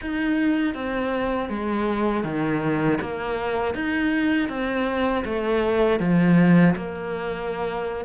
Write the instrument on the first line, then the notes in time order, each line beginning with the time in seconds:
cello
0.01 D#4
0.74 C4
1.49 G#3
2.23 D#3
3.00 A#3
3.74 D#4
4.48 C4
5.24 A3
5.99 F3
6.76 A#3